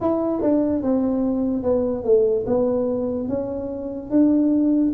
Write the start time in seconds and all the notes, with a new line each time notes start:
0.00 E4
0.41 D4
0.83 C4
1.63 B3
2.04 A3
2.46 B3
3.28 C#4
4.10 D4